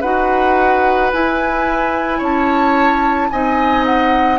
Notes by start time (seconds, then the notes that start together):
0.00 D#4 F#4 B4 F#5
1.12 E4 G#5
2.18 C#4 C#5 A5
3.30 C4 D#4 D#5 G#5
3.85 F#5